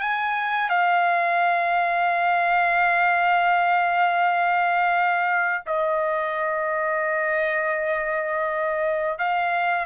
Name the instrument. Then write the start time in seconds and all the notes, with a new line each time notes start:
trumpet
0.00 G#5
0.69 F5
5.66 D#5
9.19 F5